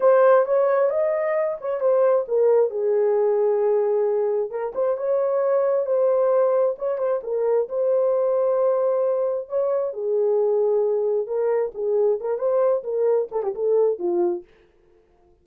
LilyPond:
\new Staff \with { instrumentName = "horn" } { \time 4/4 \tempo 4 = 133 c''4 cis''4 dis''4. cis''8 | c''4 ais'4 gis'2~ | gis'2 ais'8 c''8 cis''4~ | cis''4 c''2 cis''8 c''8 |
ais'4 c''2.~ | c''4 cis''4 gis'2~ | gis'4 ais'4 gis'4 ais'8 c''8~ | c''8 ais'4 a'16 g'16 a'4 f'4 | }